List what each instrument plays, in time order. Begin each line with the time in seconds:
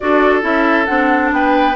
0.00 bassoon D4, clarinet F#4, oboe A4, flute D5
0.41 bassoon C#4, clarinet E4, flute E5
0.85 bassoon C4, clarinet D4, flute F#5
1.32 bassoon B3, oboe B4, flute G5